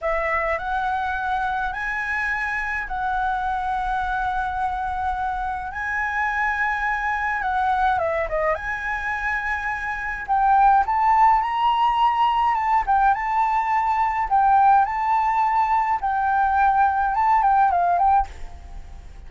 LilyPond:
\new Staff \with { instrumentName = "flute" } { \time 4/4 \tempo 4 = 105 e''4 fis''2 gis''4~ | gis''4 fis''2.~ | fis''2 gis''2~ | gis''4 fis''4 e''8 dis''8 gis''4~ |
gis''2 g''4 a''4 | ais''2 a''8 g''8 a''4~ | a''4 g''4 a''2 | g''2 a''8 g''8 f''8 g''8 | }